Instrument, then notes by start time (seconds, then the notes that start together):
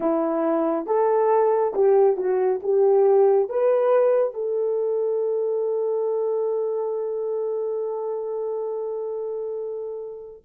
horn
0.00 E4
0.86 A4
1.74 G4
2.17 F#4
2.62 G4
3.49 B4
4.34 A4